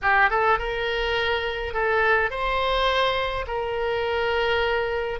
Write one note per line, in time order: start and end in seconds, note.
0.02 0.29 G4
0.29 0.58 A4
0.58 1.73 A#4
1.73 2.30 A4
2.30 3.45 C5
3.47 5.19 A#4